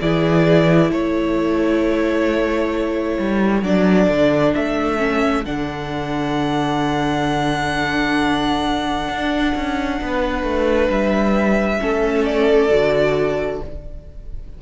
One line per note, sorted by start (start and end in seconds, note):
0.00 0.91 E3
0.00 3.63 E4
0.00 0.89 G#4
0.00 0.91 D5
0.89 3.18 A3
0.89 9.98 A4
0.89 3.63 C#5
3.18 3.62 G3
3.62 4.07 F#3
3.62 4.97 D4
3.62 4.54 D5
4.08 4.53 D3
4.54 5.45 A3
4.54 5.45 E5
4.97 5.43 C#4
5.45 9.08 D3
5.45 11.78 D4
5.45 10.90 F#5
9.08 9.54 D4
9.55 10.00 C#4
10.01 10.43 B3
10.01 11.80 B4
10.43 10.88 A3
10.89 11.80 G3
10.89 12.25 E5
11.78 12.69 A3
11.78 12.69 C#4
11.78 13.62 A4
12.25 13.61 D5
12.69 13.60 D3
12.69 13.61 F#4